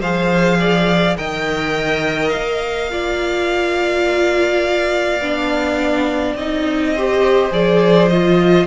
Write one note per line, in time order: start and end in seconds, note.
0.00 1.16 F3
0.00 1.18 G#4
0.00 0.58 C5
0.00 1.17 F5
0.59 1.17 D5
1.17 2.33 D#3
1.17 2.90 A#4
1.17 2.91 D#5
1.17 2.29 G5
2.29 6.33 F5
2.35 5.20 A#3
2.90 5.21 F4
2.90 6.94 D5
5.20 6.36 B3
5.20 6.37 D4
6.36 7.51 C4
6.36 6.97 D#4
6.36 7.52 D#5
6.94 7.51 G4
6.94 8.67 C5
7.51 8.67 F3
7.51 8.09 G#4
7.51 8.08 D5
8.08 8.67 F4
8.08 8.66 D#5